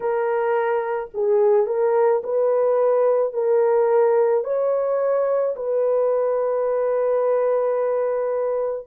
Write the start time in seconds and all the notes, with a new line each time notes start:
0.00 A#4
1.14 G#4
1.66 A#4
2.23 B4
3.33 A#4
4.43 C#5
5.56 B4